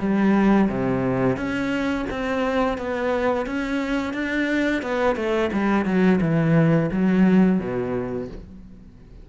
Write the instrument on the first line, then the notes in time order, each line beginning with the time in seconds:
cello
0.00 G3
0.69 C3
1.37 C#4
2.11 C4
2.78 B3
3.47 C#4
4.14 D4
4.83 B3
5.16 A3
5.53 G3
5.86 F#3
6.22 E3
6.92 F#3
7.60 B2